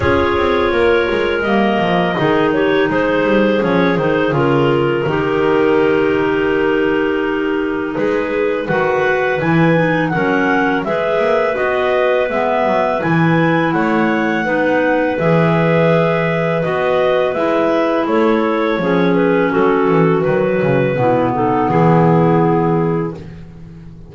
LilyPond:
<<
  \new Staff \with { instrumentName = "clarinet" } { \time 4/4 \tempo 4 = 83 cis''2 dis''4. cis''8 | c''4 cis''8 c''8 ais'2~ | ais'2. b'4 | fis''4 gis''4 fis''4 e''4 |
dis''4 e''4 gis''4 fis''4~ | fis''4 e''2 dis''4 | e''4 cis''4. b'8 a'4 | b'4. a'8 gis'2 | }
  \new Staff \with { instrumentName = "clarinet" } { \time 4/4 gis'4 ais'2 gis'8 g'8 | gis'2. g'4~ | g'2. gis'4 | b'2 ais'4 b'4~ |
b'2. cis''4 | b'1~ | b'4 a'4 gis'4 fis'4~ | fis'4 e'8 dis'8 e'2 | }
  \new Staff \with { instrumentName = "clarinet" } { \time 4/4 f'2 ais4 dis'4~ | dis'4 cis'8 dis'8 f'4 dis'4~ | dis'1 | fis'4 e'8 dis'8 cis'4 gis'4 |
fis'4 b4 e'2 | dis'4 gis'2 fis'4 | e'2 cis'2 | fis4 b2. | }
  \new Staff \with { instrumentName = "double bass" } { \time 4/4 cis'8 c'8 ais8 gis8 g8 f8 dis4 | gis8 g8 f8 dis8 cis4 dis4~ | dis2. gis4 | dis4 e4 fis4 gis8 ais8 |
b4 gis8 fis8 e4 a4 | b4 e2 b4 | gis4 a4 f4 fis8 e8 | dis8 cis8 b,4 e2 | }
>>